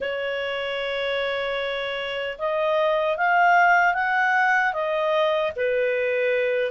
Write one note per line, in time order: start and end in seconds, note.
0.00 2.37 C#5
2.38 3.17 D#5
3.17 3.94 F5
3.94 4.73 F#5
4.73 5.52 D#5
5.56 6.71 B4